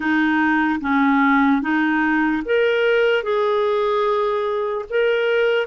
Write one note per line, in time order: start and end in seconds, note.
0.00 0.80 D#4
0.80 1.61 C#4
1.61 2.42 D#4
2.45 3.23 A#4
3.23 4.85 G#4
4.89 5.66 A#4